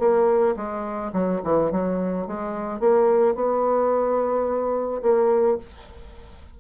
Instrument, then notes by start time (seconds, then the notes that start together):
bassoon
0.00 A#3
0.57 G#3
1.14 F#3
1.44 E3
1.72 F#3
2.27 G#3
2.80 A#3
3.35 B3
5.03 A#3